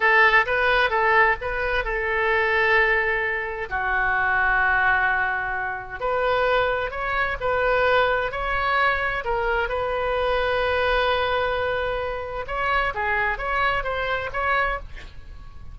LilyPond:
\new Staff \with { instrumentName = "oboe" } { \time 4/4 \tempo 4 = 130 a'4 b'4 a'4 b'4 | a'1 | fis'1~ | fis'4 b'2 cis''4 |
b'2 cis''2 | ais'4 b'2.~ | b'2. cis''4 | gis'4 cis''4 c''4 cis''4 | }